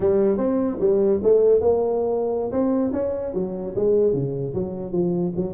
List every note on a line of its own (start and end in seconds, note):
0.00 0.37 G3
0.37 0.78 C4
0.80 1.20 G3
1.23 1.60 A3
1.60 2.51 A#3
2.51 2.91 C4
2.92 3.33 C#4
3.34 3.74 F#3
3.75 4.13 G#3
4.13 4.53 C#3
4.53 4.91 F#3
4.91 5.32 F3
5.36 5.54 F#3